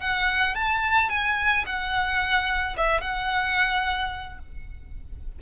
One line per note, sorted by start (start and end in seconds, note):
0.00 0.55 F#5
0.55 1.09 A5
1.09 1.64 G#5
1.66 2.76 F#5
2.77 3.01 E5
3.01 4.39 F#5